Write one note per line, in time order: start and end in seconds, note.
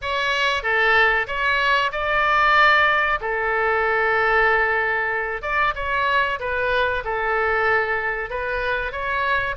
0.01 0.62 C#5
0.62 1.26 A4
1.27 1.91 C#5
1.91 3.19 D5
3.20 5.41 A4
5.41 5.73 D5
5.75 6.39 C#5
6.39 7.03 B4
7.04 8.30 A4
8.30 8.92 B4
8.92 9.55 C#5